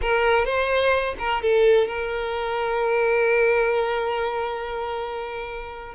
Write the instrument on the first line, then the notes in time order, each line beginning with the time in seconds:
violin
0.01 A#4
0.45 C5
1.18 A#4
1.42 A4
1.87 A#4